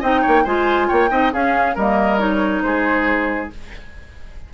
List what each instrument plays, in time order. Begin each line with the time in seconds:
0.00 bassoon C4, clarinet D#4, oboe D#5, flute G5
0.22 oboe C#5
0.28 bassoon A#3
0.44 bassoon G#3, clarinet F4, oboe C5, flute G#5
0.88 bassoon A#3, oboe C#5, flute G5
1.10 bassoon C4, clarinet D#4, oboe D#5
1.33 clarinet C#4, bassoon C#4, oboe G#4, flute F5
1.75 bassoon G3, clarinet A#3, oboe A#4, flute D#5
2.19 clarinet D#4, flute C#5
2.62 bassoon G#3, oboe G#4, flute C5